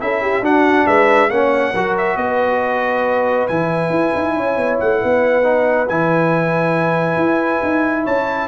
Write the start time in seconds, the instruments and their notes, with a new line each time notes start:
0.00 tuba C#4, trombone E4, horn A4, trumpet E5
0.22 horn G4
0.41 tuba D4, trombone D4, horn F#4, trumpet F#5
0.87 tuba G#3, horn B4, trumpet E5
1.30 tuba A#3, trombone C#4, horn C#5, trumpet F#5
1.74 tuba F#3, trombone F#4, horn A#4
1.98 trumpet E5
2.16 tuba B3, horn B4, trumpet D#5
3.48 tuba E3, trombone E4, trumpet G#5
3.90 tuba E4
4.15 tuba D#4
4.36 tuba C#4, horn C#5
4.57 tuba B3
4.80 tuba A3, trumpet F#5
5.01 tuba B3, horn B4
5.43 trombone D#4
5.89 tuba E3, trombone E4, trumpet G#5
7.16 tuba E4
7.63 tuba D#4
8.03 tuba C#4, horn C#5, trumpet A5